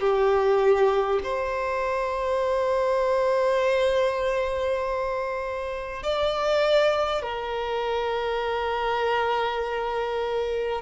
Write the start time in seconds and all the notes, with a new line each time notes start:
0.00 G4
1.24 C5
6.03 D5
7.23 A#4